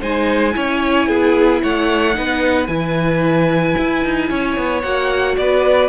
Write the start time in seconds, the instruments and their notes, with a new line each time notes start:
0.00 cello G#3, viola D#4, violin C5 G#5
0.53 cello C#4, viola E4, violin C#5
1.08 cello B3, violin G#4
1.62 cello A3, violin C#5 F#5
2.14 cello B3, viola D#4, violin B4
2.67 cello E3, viola E4, violin G#5
3.77 cello E4
4.04 cello D#4
4.29 cello C#4, violin C#5
4.56 cello B3
4.82 cello A#3, viola F#4, violin F#5
5.37 cello B3, violin B4 D5